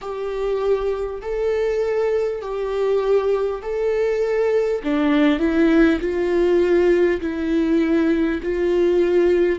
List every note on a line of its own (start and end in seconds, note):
0.01 1.21 G4
1.21 2.41 A4
2.41 3.61 G4
3.62 4.82 A4
4.83 5.39 D4
5.39 5.99 E4
6.00 7.20 F4
7.21 8.41 E4
8.42 9.59 F4